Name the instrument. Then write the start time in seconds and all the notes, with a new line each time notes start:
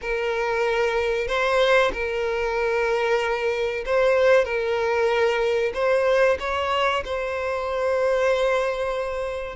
violin
0.01 A#4
1.27 C5
1.93 A#4
3.85 C5
4.44 A#4
5.74 C5
6.39 C#5
7.04 C5